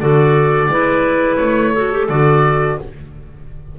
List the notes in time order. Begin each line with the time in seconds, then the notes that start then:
0.00 D3 F#4 A4 D5
0.68 G#3 E4 B4
1.36 A3 C#5
1.73 F#4 A4
1.92 G4
2.09 D3 F#4 D5